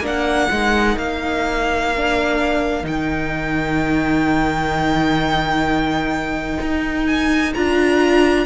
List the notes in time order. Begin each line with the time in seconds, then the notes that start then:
0.00 A#3 D4 A#4
0.06 F#5
0.51 G#3 D#4
0.96 A#3 F5
1.96 D4
2.83 D#3 D#4 G5
6.61 D#4
7.06 G#5
7.53 D4 F4 A#5